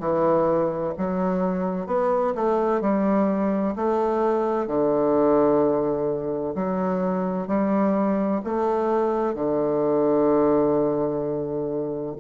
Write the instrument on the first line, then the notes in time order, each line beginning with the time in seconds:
bassoon
0.00 E3
0.98 F#3
1.87 B3
2.35 A3
2.81 G3
3.76 A3
4.67 D3
6.55 F#3
7.48 G3
8.45 A3
9.35 D3